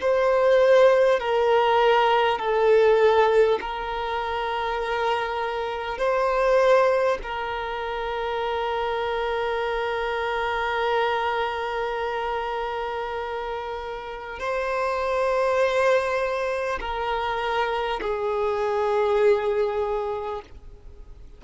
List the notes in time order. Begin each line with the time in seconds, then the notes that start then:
0.00 C5
1.19 A#4
2.38 A4
3.61 A#4
5.97 C5
7.23 A#4
14.39 C5
16.80 A#4
18.01 G#4